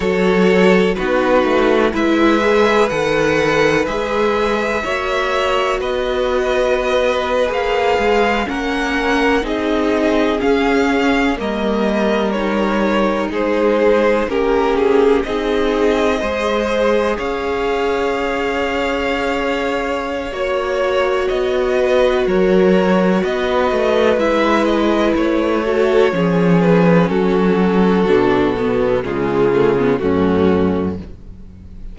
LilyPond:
<<
  \new Staff \with { instrumentName = "violin" } { \time 4/4 \tempo 4 = 62 cis''4 b'4 e''4 fis''4 | e''2 dis''4.~ dis''16 f''16~ | f''8. fis''4 dis''4 f''4 dis''16~ | dis''8. cis''4 c''4 ais'8 gis'8 dis''16~ |
dis''4.~ dis''16 f''2~ f''16~ | f''4 cis''4 dis''4 cis''4 | dis''4 e''8 dis''8 cis''4. b'8 | a'2 gis'4 fis'4 | }
  \new Staff \with { instrumentName = "violin" } { \time 4/4 a'4 fis'4 b'2~ | b'4 cis''4 b'2~ | b'8. ais'4 gis'2 ais'16~ | ais'4.~ ais'16 gis'4 g'4 gis'16~ |
gis'8. c''4 cis''2~ cis''16~ | cis''2~ cis''8 b'8 ais'4 | b'2~ b'8 a'8 gis'4 | fis'2 f'4 cis'4 | }
  \new Staff \with { instrumentName = "viola" } { \time 4/4 fis'4 dis'4 e'8 gis'8 a'4 | gis'4 fis'2~ fis'8. gis'16~ | gis'8. cis'4 dis'4 cis'4 ais16~ | ais8. dis'2 cis'4 dis'16~ |
dis'8. gis'2.~ gis'16~ | gis'4 fis'2.~ | fis'4 e'4. fis'8 cis'4~ | cis'4 d'8 b8 gis8 a16 b16 a4 | }
  \new Staff \with { instrumentName = "cello" } { \time 4/4 fis4 b8 a8 gis4 dis4 | gis4 ais4 b4.~ b16 ais16~ | ais16 gis8 ais4 c'4 cis'4 g16~ | g4.~ g16 gis4 ais4 c'16~ |
c'8. gis4 cis'2~ cis'16~ | cis'4 ais4 b4 fis4 | b8 a8 gis4 a4 f4 | fis4 b,4 cis4 fis,4 | }
>>